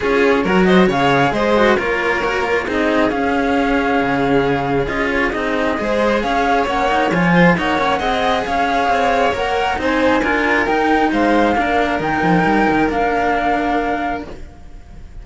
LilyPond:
<<
  \new Staff \with { instrumentName = "flute" } { \time 4/4 \tempo 4 = 135 cis''4. dis''8 f''4 dis''4 | cis''2 dis''4 f''4~ | f''2. dis''8 cis''8 | dis''2 f''4 fis''4 |
gis''4 fis''2 f''4~ | f''4 fis''4 gis''2 | g''4 f''2 g''4~ | g''4 f''2. | }
  \new Staff \with { instrumentName = "violin" } { \time 4/4 gis'4 ais'8 c''8 cis''4 c''4 | ais'2 gis'2~ | gis'1~ | gis'4 c''4 cis''2~ |
cis''8 c''8 cis''4 dis''4 cis''4~ | cis''2 c''4 ais'4~ | ais'4 c''4 ais'2~ | ais'1 | }
  \new Staff \with { instrumentName = "cello" } { \time 4/4 f'4 fis'4 gis'4. fis'8 | f'4 fis'8 f'8 dis'4 cis'4~ | cis'2. f'4 | dis'4 gis'2 cis'8 dis'8 |
f'4 dis'8 cis'8 gis'2~ | gis'4 ais'4 dis'4 f'4 | dis'2 d'4 dis'4~ | dis'4 d'2. | }
  \new Staff \with { instrumentName = "cello" } { \time 4/4 cis'4 fis4 cis4 gis4 | ais2 c'4 cis'4~ | cis'4 cis2 cis'4 | c'4 gis4 cis'4 ais4 |
f4 ais4 c'4 cis'4 | c'4 ais4 c'4 d'4 | dis'4 gis4 ais4 dis8 f8 | g8 dis8 ais2. | }
>>